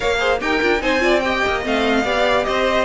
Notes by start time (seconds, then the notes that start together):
0.00 A#3 A#4 C#5 F5
0.18 G#4 C5
0.41 D#4 G4 A#4 G5
0.61 D4 F4
0.79 C4 D#4 C5 G#5
0.99 F4 D5
1.19 G4 D#5 G5
1.46 A#3
1.62 A3 C4 F5
2.04 B3 G4 D5
2.44 C4 C5 D#5